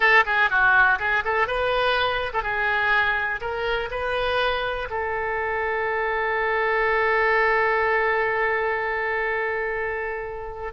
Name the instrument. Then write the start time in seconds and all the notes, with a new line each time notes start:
oboe
0.00 A4
0.25 G#4
0.50 F#4
0.99 G#4
1.24 A4
1.47 B4
2.33 A4
2.42 G#4
3.41 A#4
3.90 B4
4.89 A4